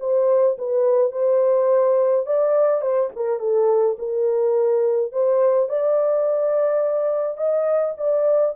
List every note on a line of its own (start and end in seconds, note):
0.00 0.57 C5
0.58 1.12 B4
1.12 2.26 C5
2.26 2.81 D5
2.81 3.10 C5
3.16 3.39 A#4
3.39 3.97 A4
3.98 5.12 A#4
5.12 5.69 C5
5.69 7.37 D5
7.37 7.95 D#5
7.98 8.55 D5